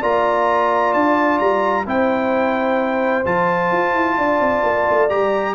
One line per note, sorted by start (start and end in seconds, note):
0.00 0.94 A#3
0.00 1.86 F4
0.00 1.85 D5
0.00 0.94 A#5
0.94 1.40 D4
0.94 1.39 A5
1.39 1.86 G3
1.39 1.85 A#5
1.86 3.25 C4
1.86 3.25 E4
1.86 4.17 C5
1.86 3.26 G5
3.25 3.72 F3
3.25 5.10 F4
3.25 5.10 A5
3.72 3.94 F4
3.94 4.17 E4
4.18 4.40 D4
4.18 5.55 D5
4.40 4.63 C4
4.63 4.86 A#3
4.91 5.11 A3
5.10 5.55 G3
5.10 5.55 G4
5.10 5.55 A#5